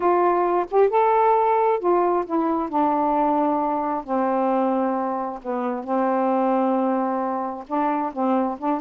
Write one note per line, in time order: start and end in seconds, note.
0.00 0.65 F4
0.70 0.89 G4
0.89 1.79 A4
1.79 2.24 F4
2.26 2.69 E4
2.69 4.04 D4
4.04 5.39 C4
5.42 5.84 B3
5.84 7.64 C4
7.67 8.12 D4
8.13 8.58 C4
8.58 8.80 D4